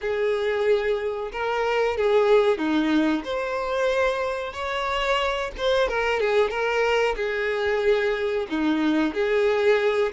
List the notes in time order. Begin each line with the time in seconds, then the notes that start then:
0.01 G#4
1.32 A#4
1.97 G#4
2.58 D#4
3.24 C5
4.53 C#5
5.57 C5
5.88 A#4
6.20 G#4
6.50 A#4
7.16 G#4
8.49 D#4
9.14 G#4